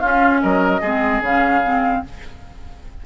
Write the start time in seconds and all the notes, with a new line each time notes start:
0.00 C#4 F4 F5
0.42 F#3 A#4 D#5
0.81 G#3 C4 G#4
1.21 C#3 C#4 F5
1.64 C4